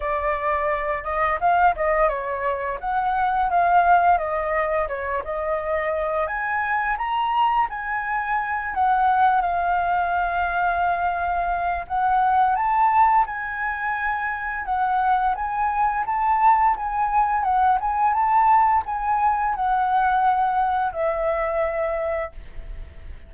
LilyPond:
\new Staff \with { instrumentName = "flute" } { \time 4/4 \tempo 4 = 86 d''4. dis''8 f''8 dis''8 cis''4 | fis''4 f''4 dis''4 cis''8 dis''8~ | dis''4 gis''4 ais''4 gis''4~ | gis''8 fis''4 f''2~ f''8~ |
f''4 fis''4 a''4 gis''4~ | gis''4 fis''4 gis''4 a''4 | gis''4 fis''8 gis''8 a''4 gis''4 | fis''2 e''2 | }